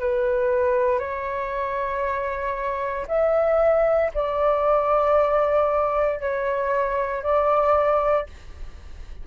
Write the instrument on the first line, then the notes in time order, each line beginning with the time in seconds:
flute
0.00 B4
1.00 C#5
3.08 E5
4.14 D5
6.20 C#5
7.23 D5